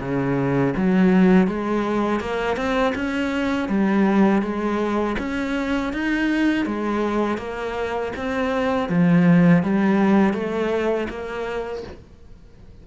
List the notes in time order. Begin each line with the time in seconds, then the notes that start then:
0.00 C#3
0.76 F#3
1.47 G#3
2.21 A#3
2.57 C4
2.95 C#4
3.69 G3
4.42 G#3
5.19 C#4
5.93 D#4
6.66 G#3
7.38 A#3
8.16 C4
8.89 F3
9.63 G3
10.34 A3
11.09 A#3